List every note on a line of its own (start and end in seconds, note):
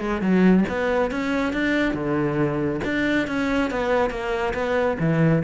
0.00 0.22 G#3
0.22 0.65 F#3
0.69 1.11 B3
1.11 1.53 C#4
1.53 1.94 D4
1.94 2.81 D3
2.84 3.28 D4
3.28 3.71 C#4
3.71 4.10 B3
4.10 4.54 A#3
4.54 4.98 B3
5.00 5.43 E3